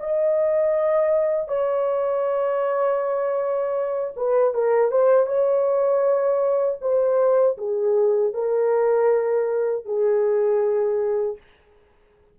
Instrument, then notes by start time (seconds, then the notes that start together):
horn
0.00 D#5
1.48 C#5
4.17 B4
4.54 A#4
4.92 C5
5.27 C#5
6.82 C5
7.58 G#4
8.34 A#4
9.86 G#4